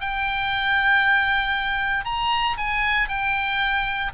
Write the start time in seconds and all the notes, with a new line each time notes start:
0.00 G5
2.05 A#5
2.57 G#5
3.08 G5